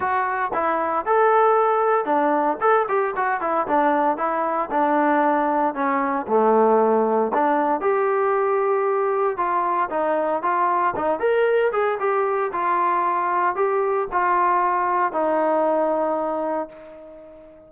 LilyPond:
\new Staff \with { instrumentName = "trombone" } { \time 4/4 \tempo 4 = 115 fis'4 e'4 a'2 | d'4 a'8 g'8 fis'8 e'8 d'4 | e'4 d'2 cis'4 | a2 d'4 g'4~ |
g'2 f'4 dis'4 | f'4 dis'8 ais'4 gis'8 g'4 | f'2 g'4 f'4~ | f'4 dis'2. | }